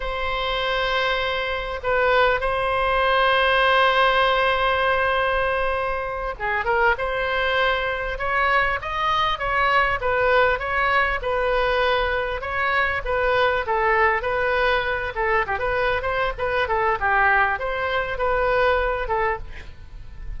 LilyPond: \new Staff \with { instrumentName = "oboe" } { \time 4/4 \tempo 4 = 99 c''2. b'4 | c''1~ | c''2~ c''8 gis'8 ais'8 c''8~ | c''4. cis''4 dis''4 cis''8~ |
cis''8 b'4 cis''4 b'4.~ | b'8 cis''4 b'4 a'4 b'8~ | b'4 a'8 g'16 b'8. c''8 b'8 a'8 | g'4 c''4 b'4. a'8 | }